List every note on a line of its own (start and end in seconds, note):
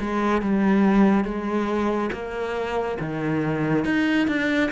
0.00 0.42 G#3
0.42 1.25 G3
1.25 2.11 G#3
2.13 2.98 A#3
3.00 3.85 D#3
3.85 4.28 D#4
4.28 4.71 D4